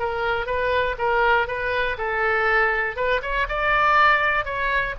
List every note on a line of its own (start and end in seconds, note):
0.00 0.47 A#4
0.47 0.96 B4
0.99 1.48 A#4
1.48 1.98 B4
1.98 2.97 A4
2.97 3.21 B4
3.23 3.48 C#5
3.49 4.45 D5
4.45 4.95 C#5